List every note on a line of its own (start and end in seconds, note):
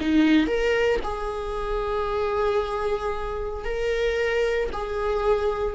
0.00 0.47 D#4
0.47 1.00 A#4
1.03 3.64 G#4
3.64 4.70 A#4
4.72 5.74 G#4